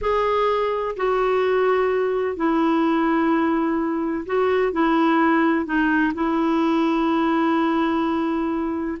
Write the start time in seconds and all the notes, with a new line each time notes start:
0.01 G#4
0.96 F#4
2.36 E4
4.26 F#4
4.72 E4
5.65 D#4
6.14 E4